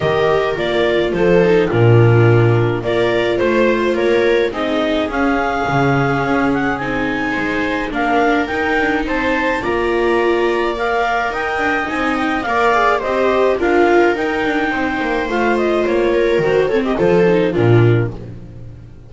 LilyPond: <<
  \new Staff \with { instrumentName = "clarinet" } { \time 4/4 \tempo 4 = 106 dis''4 d''4 c''4 ais'4~ | ais'4 d''4 c''4 cis''4 | dis''4 f''2~ f''8 fis''8 | gis''2 f''4 g''4 |
a''4 ais''2 f''4 | g''4 gis''8 g''8 f''4 dis''4 | f''4 g''2 f''8 dis''8 | cis''4 c''8 cis''16 dis''16 c''4 ais'4 | }
  \new Staff \with { instrumentName = "viola" } { \time 4/4 ais'2 a'4 f'4~ | f'4 ais'4 c''4 ais'4 | gis'1~ | gis'4 c''4 ais'2 |
c''4 d''2. | dis''2 d''4 c''4 | ais'2 c''2~ | c''8 ais'4 a'16 g'16 a'4 f'4 | }
  \new Staff \with { instrumentName = "viola" } { \time 4/4 g'4 f'4. dis'8 d'4~ | d'4 f'2. | dis'4 cis'2. | dis'2 d'4 dis'4~ |
dis'4 f'2 ais'4~ | ais'4 dis'4 ais'8 gis'8 g'4 | f'4 dis'2 f'4~ | f'4 fis'8 c'8 f'8 dis'8 d'4 | }
  \new Staff \with { instrumentName = "double bass" } { \time 4/4 dis4 ais4 f4 ais,4~ | ais,4 ais4 a4 ais4 | c'4 cis'4 cis4 cis'4 | c'4 gis4 ais4 dis'8 d'8 |
c'4 ais2. | dis'8 d'8 c'4 ais4 c'4 | d'4 dis'8 d'8 c'8 ais8 a4 | ais4 dis4 f4 ais,4 | }
>>